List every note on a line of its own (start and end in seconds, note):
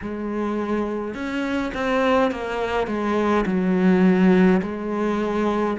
0.01 1.14 G#3
1.14 1.72 C#4
1.74 2.31 C4
2.31 2.87 A#3
2.87 3.45 G#3
3.46 4.61 F#3
4.62 5.77 G#3